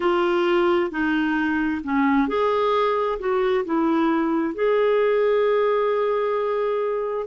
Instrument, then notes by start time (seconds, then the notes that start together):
clarinet
0.00 F4
0.90 D#4
1.84 C#4
2.28 G#4
3.19 F#4
3.65 E4
4.54 G#4